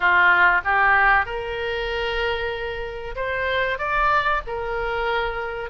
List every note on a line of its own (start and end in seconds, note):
0.00 0.61 F4
0.64 1.25 G4
1.25 3.15 A#4
3.15 3.78 C5
3.78 4.41 D5
4.46 5.70 A#4